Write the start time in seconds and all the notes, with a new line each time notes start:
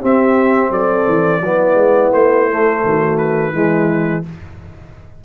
0.00 C4 G4 E5
0.70 F#3 A4 D5
1.07 E3
1.40 F#3 B3 E4
1.74 G#3
2.12 A3 C5
2.49 A3
2.84 D#3 F#4
3.17 B4
3.52 E3 G#3 E4